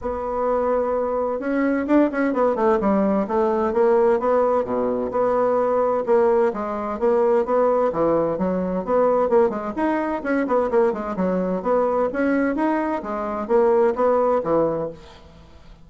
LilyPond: \new Staff \with { instrumentName = "bassoon" } { \time 4/4 \tempo 4 = 129 b2. cis'4 | d'8 cis'8 b8 a8 g4 a4 | ais4 b4 b,4 b4~ | b4 ais4 gis4 ais4 |
b4 e4 fis4 b4 | ais8 gis8 dis'4 cis'8 b8 ais8 gis8 | fis4 b4 cis'4 dis'4 | gis4 ais4 b4 e4 | }